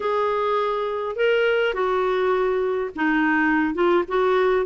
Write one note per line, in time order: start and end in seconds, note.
0.00 1.15 G#4
1.15 1.74 A#4
1.74 2.90 F#4
2.95 3.74 D#4
3.74 4.03 F4
4.08 4.65 F#4